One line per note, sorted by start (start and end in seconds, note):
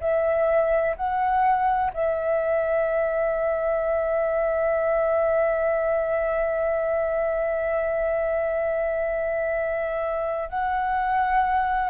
0.00 0.95 E5
0.96 1.91 F#5
1.94 10.49 E5
10.49 11.90 F#5